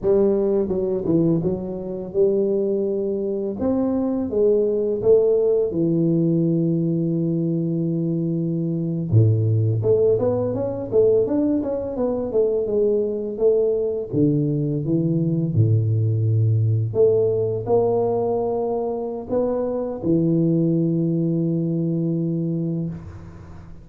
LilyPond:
\new Staff \with { instrumentName = "tuba" } { \time 4/4 \tempo 4 = 84 g4 fis8 e8 fis4 g4~ | g4 c'4 gis4 a4 | e1~ | e8. a,4 a8 b8 cis'8 a8 d'16~ |
d'16 cis'8 b8 a8 gis4 a4 d16~ | d8. e4 a,2 a16~ | a8. ais2~ ais16 b4 | e1 | }